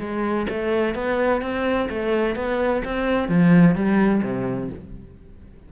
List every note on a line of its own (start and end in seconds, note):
0.00 0.47 G#3
0.49 0.95 A3
0.95 1.42 B3
1.42 1.89 C4
1.90 2.36 A3
2.36 2.83 B3
2.84 3.29 C4
3.29 3.76 F3
3.76 4.23 G3
4.23 4.70 C3